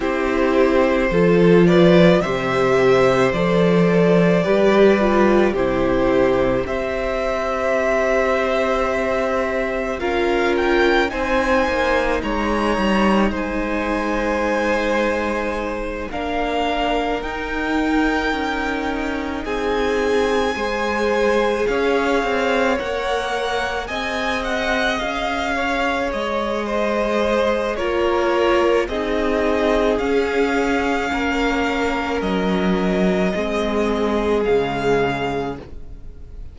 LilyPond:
<<
  \new Staff \with { instrumentName = "violin" } { \time 4/4 \tempo 4 = 54 c''4. d''8 e''4 d''4~ | d''4 c''4 e''2~ | e''4 f''8 g''8 gis''4 ais''4 | gis''2~ gis''8 f''4 g''8~ |
g''4. gis''2 f''8~ | f''8 fis''4 gis''8 fis''8 f''4 dis''8~ | dis''4 cis''4 dis''4 f''4~ | f''4 dis''2 f''4 | }
  \new Staff \with { instrumentName = "violin" } { \time 4/4 g'4 a'8 b'8 c''2 | b'4 g'4 c''2~ | c''4 ais'4 c''4 cis''4 | c''2~ c''8 ais'4.~ |
ais'4. gis'4 c''4 cis''8~ | cis''4. dis''4. cis''4 | c''4 ais'4 gis'2 | ais'2 gis'2 | }
  \new Staff \with { instrumentName = "viola" } { \time 4/4 e'4 f'4 g'4 a'4 | g'8 f'8 e'4 g'2~ | g'4 f'4 dis'2~ | dis'2~ dis'8 d'4 dis'8~ |
dis'2~ dis'8 gis'4.~ | gis'8 ais'4 gis'2~ gis'8~ | gis'4 f'4 dis'4 cis'4~ | cis'2 c'4 gis4 | }
  \new Staff \with { instrumentName = "cello" } { \time 4/4 c'4 f4 c4 f4 | g4 c4 c'2~ | c'4 cis'4 c'8 ais8 gis8 g8 | gis2~ gis8 ais4 dis'8~ |
dis'8 cis'4 c'4 gis4 cis'8 | c'8 ais4 c'4 cis'4 gis8~ | gis4 ais4 c'4 cis'4 | ais4 fis4 gis4 cis4 | }
>>